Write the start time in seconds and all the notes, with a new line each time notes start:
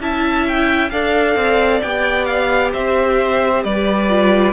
0.00 C#4 E4 E5 A5
0.47 G5
0.90 D4 A4 D5 F5
1.35 C4
1.81 B3 G4 G5
2.25 F5
2.72 C4 C5 E5
3.63 G3 B4 D5
4.09 F4